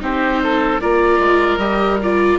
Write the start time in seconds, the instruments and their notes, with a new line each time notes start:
0.00 bassoon C4, viola D#4, oboe G4 C5
0.44 oboe A4
0.81 bassoon A#3, viola F4, oboe A#4 D5
1.19 bassoon G#3
1.58 bassoon G3, viola G4, oboe D#5
2.03 viola F4, oboe D5